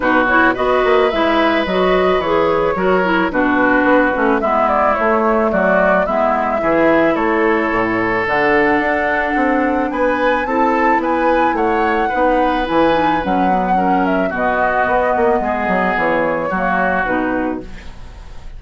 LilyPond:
<<
  \new Staff \with { instrumentName = "flute" } { \time 4/4 \tempo 4 = 109 b'8 cis''8 dis''4 e''4 dis''4 | cis''2 b'2 | e''8 d''8 cis''4 d''4 e''4~ | e''4 cis''2 fis''4~ |
fis''2 gis''4 a''4 | gis''4 fis''2 gis''4 | fis''4. e''8 dis''2~ | dis''4 cis''2 b'4 | }
  \new Staff \with { instrumentName = "oboe" } { \time 4/4 fis'4 b'2.~ | b'4 ais'4 fis'2 | e'2 fis'4 e'4 | gis'4 a'2.~ |
a'2 b'4 a'4 | b'4 cis''4 b'2~ | b'4 ais'4 fis'2 | gis'2 fis'2 | }
  \new Staff \with { instrumentName = "clarinet" } { \time 4/4 dis'8 e'8 fis'4 e'4 fis'4 | gis'4 fis'8 e'8 d'4. cis'8 | b4 a2 b4 | e'2. d'4~ |
d'2. e'4~ | e'2 dis'4 e'8 dis'8 | cis'8 b8 cis'4 b2~ | b2 ais4 dis'4 | }
  \new Staff \with { instrumentName = "bassoon" } { \time 4/4 b,4 b8 ais8 gis4 fis4 | e4 fis4 b,4 b8 a8 | gis4 a4 fis4 gis4 | e4 a4 a,4 d4 |
d'4 c'4 b4 c'4 | b4 a4 b4 e4 | fis2 b,4 b8 ais8 | gis8 fis8 e4 fis4 b,4 | }
>>